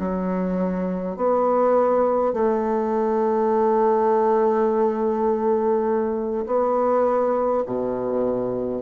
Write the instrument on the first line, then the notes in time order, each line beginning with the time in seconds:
bassoon
0.00 F#3
1.17 B3
2.34 A3
6.47 B3
7.66 B2